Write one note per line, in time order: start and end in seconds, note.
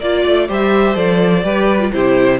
0.00 0.24 A#3
0.00 0.49 F4
0.00 0.48 D5
0.00 0.49 D5
0.26 0.50 A3
0.48 0.96 G3
0.48 0.94 G4
0.48 1.44 C5
0.48 0.96 E5
0.94 1.44 F3
0.94 1.42 A4
0.94 1.92 D5
1.44 1.92 G3
1.44 1.80 G4
1.44 1.92 B4
1.80 1.92 F4
1.92 2.40 C3
1.92 2.40 E4
1.92 2.40 G4
1.92 2.40 C5